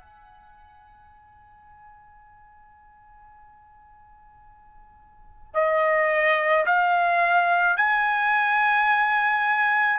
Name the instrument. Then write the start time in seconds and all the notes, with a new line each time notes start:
trumpet
0.00 G#5
5.54 D#5
6.66 F5
7.77 G#5